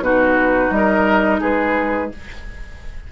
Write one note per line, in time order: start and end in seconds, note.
0.00 0.70 B2
0.00 2.12 D#4
0.00 0.74 F#4
0.00 0.71 B4
0.71 1.40 G3
0.71 1.41 A#4
0.71 1.41 D#5
1.41 2.12 G#3
1.41 2.10 G#4
1.41 2.12 B4